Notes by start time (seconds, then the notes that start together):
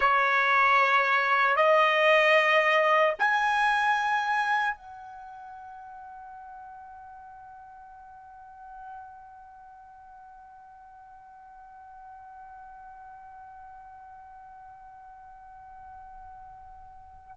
0.00 C#5
1.55 D#5
3.18 G#5
4.76 F#5